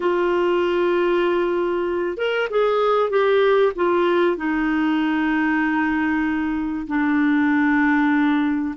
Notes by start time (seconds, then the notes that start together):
0.00 F4
2.17 A#4
2.49 G#4
3.10 G4
3.75 F4
4.36 D#4
6.87 D4